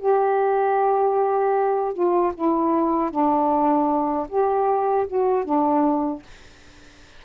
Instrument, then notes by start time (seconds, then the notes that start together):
saxophone
0.00 G4
1.94 F4
2.35 E4
3.11 D4
4.29 G4
5.08 F#4
5.45 D4